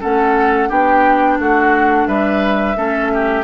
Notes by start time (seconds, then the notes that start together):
0.00 A3 C#4 A4 F#5
0.68 B3 D4 G4 G5
1.39 A3 F#4 F#5
2.07 G3 B4 E5
2.75 A3 C#4 A4
3.13 G4